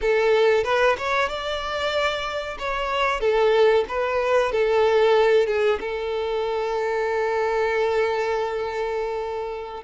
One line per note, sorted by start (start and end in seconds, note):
0.01 0.64 A4
0.64 0.96 B4
0.98 1.28 C#5
1.28 2.57 D5
2.58 3.20 C#5
3.20 3.84 A4
3.88 4.52 B4
4.52 5.47 A4
5.47 5.79 G#4
5.80 9.83 A4